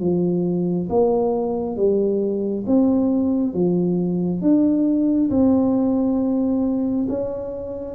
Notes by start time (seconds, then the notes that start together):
0.00 F3
0.89 A#3
1.76 G3
2.67 C4
3.53 F3
4.42 D4
5.30 C4
7.09 C#4